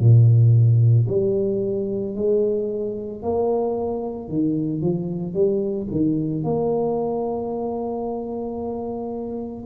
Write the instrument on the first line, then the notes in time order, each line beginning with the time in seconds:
tuba
0.00 A#2
1.08 G3
2.16 G#3
3.22 A#3
4.29 D#3
4.82 F3
5.34 G3
5.91 D#3
6.44 A#3